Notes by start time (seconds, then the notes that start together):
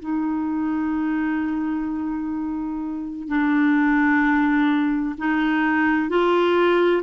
0.00 D#4
3.28 D4
5.18 D#4
6.09 F4